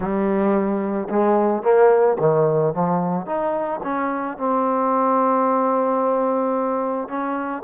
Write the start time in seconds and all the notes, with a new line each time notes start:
0.00 G3
1.09 G#3
1.62 A#3
2.19 D#3
2.73 F3
3.25 D#4
3.83 C#4
4.37 C4
7.08 C#4